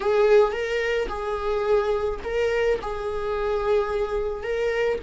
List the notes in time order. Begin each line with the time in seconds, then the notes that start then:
0.00 G#4
0.52 A#4
1.08 G#4
2.24 A#4
2.81 G#4
4.43 A#4